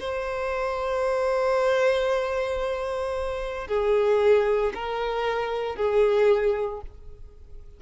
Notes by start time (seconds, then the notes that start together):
0.00 C5
3.68 G#4
4.75 A#4
5.76 G#4